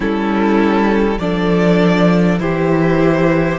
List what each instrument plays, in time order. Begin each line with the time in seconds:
0.00 cello G3, viola C#4, violin E4 A4
1.19 cello F3, viola D4, violin A4 D5
2.39 cello E3, viola E4, violin G4 C5